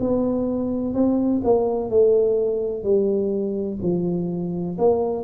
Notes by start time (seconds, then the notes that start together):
0.00 B3
0.94 C4
1.44 A#3
1.90 A3
2.84 G3
3.82 F3
4.78 A#3